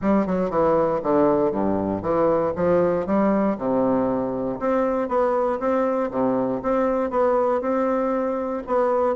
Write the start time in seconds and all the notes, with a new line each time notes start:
0.01 G3
0.26 F#3
0.50 E3
1.02 D3
1.51 G2
2.02 E3
2.55 F3
3.06 G3
3.57 C3
4.59 C4
5.08 B3
5.59 C4
6.10 C3
6.62 C4
7.10 B3
7.61 C4
8.66 B3